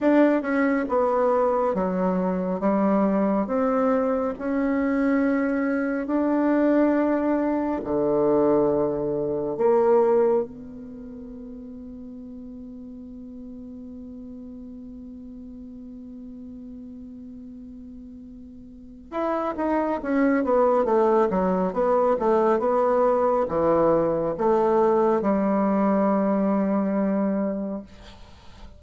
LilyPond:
\new Staff \with { instrumentName = "bassoon" } { \time 4/4 \tempo 4 = 69 d'8 cis'8 b4 fis4 g4 | c'4 cis'2 d'4~ | d'4 d2 ais4 | b1~ |
b1~ | b2 e'8 dis'8 cis'8 b8 | a8 fis8 b8 a8 b4 e4 | a4 g2. | }